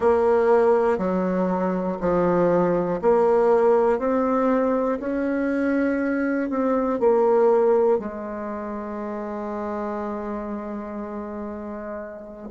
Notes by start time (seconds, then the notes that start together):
0.00 A#3
0.97 F#3
2.00 F3
3.01 A#3
3.98 C4
5.00 C#4
6.50 C4
7.00 A#3
7.98 G#3